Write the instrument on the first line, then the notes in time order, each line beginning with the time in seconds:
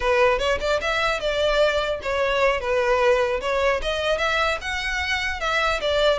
violin
0.00 B4
0.38 C#5
0.60 D5
0.81 E5
1.20 D5
2.02 C#5
2.60 B4
3.40 C#5
3.82 D#5
4.18 E5
4.61 F#5
5.40 E5
5.81 D5